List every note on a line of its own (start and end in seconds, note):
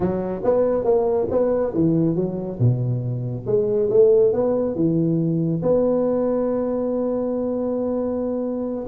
0.00 0.41 F#3
0.44 0.84 B3
0.84 1.27 A#3
1.30 1.73 B3
1.73 2.15 E3
2.15 2.58 F#3
2.59 3.45 B2
3.46 3.89 G#3
3.90 4.32 A3
4.32 4.75 B3
4.75 5.61 E3
5.62 8.86 B3